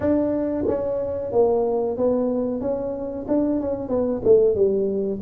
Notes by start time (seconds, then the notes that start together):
0.00 D4
0.67 C#4
1.32 A#3
1.97 B3
2.61 C#4
3.28 D4
3.60 C#4
3.88 B3
4.24 A3
4.55 G3